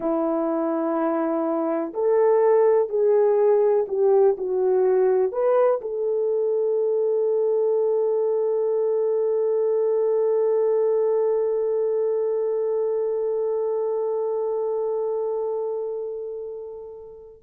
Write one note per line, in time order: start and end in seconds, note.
0.00 1.93 E4
1.94 2.89 A4
2.89 3.86 G#4
3.88 4.36 G4
4.37 5.32 F#4
5.32 5.80 B4
5.81 17.42 A4